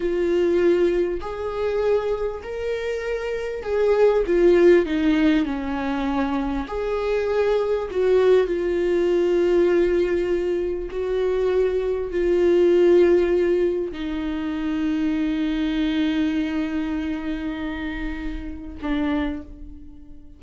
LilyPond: \new Staff \with { instrumentName = "viola" } { \time 4/4 \tempo 4 = 99 f'2 gis'2 | ais'2 gis'4 f'4 | dis'4 cis'2 gis'4~ | gis'4 fis'4 f'2~ |
f'2 fis'2 | f'2. dis'4~ | dis'1~ | dis'2. d'4 | }